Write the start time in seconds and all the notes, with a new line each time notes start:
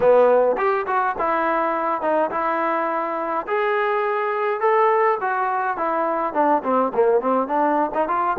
0.00 B3
0.57 G4
0.87 F#4
1.18 E4
2.01 D#4
2.31 E4
3.47 G#4
4.60 A4
5.20 F#4
5.77 E4
6.33 D4
6.63 C4
6.94 A#3
7.20 C4
7.47 D4
7.94 D#4
8.08 F4